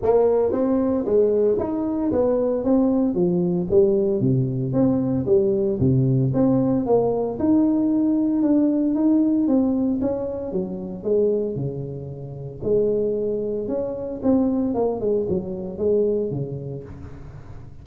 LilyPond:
\new Staff \with { instrumentName = "tuba" } { \time 4/4 \tempo 4 = 114 ais4 c'4 gis4 dis'4 | b4 c'4 f4 g4 | c4 c'4 g4 c4 | c'4 ais4 dis'2 |
d'4 dis'4 c'4 cis'4 | fis4 gis4 cis2 | gis2 cis'4 c'4 | ais8 gis8 fis4 gis4 cis4 | }